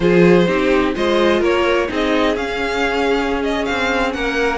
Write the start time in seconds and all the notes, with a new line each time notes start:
0.00 F3 F4 G#4 C5
0.47 C4 D#4 G4
0.94 G#3 F4 C5 D#5
1.40 A#3 A#4 C#5
1.88 C4 D#4 G#4 D#5
2.36 C#4 F5
3.43 D#5
3.65 C4 F5
4.12 A#3 A#4 F#5